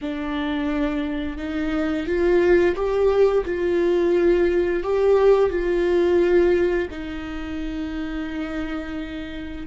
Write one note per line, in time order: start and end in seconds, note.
0.01 1.37 D4
1.37 2.06 D#4
2.06 2.75 F4
2.75 3.44 G4
3.45 4.83 F4
4.83 5.50 G4
5.50 6.87 F4
6.90 9.66 D#4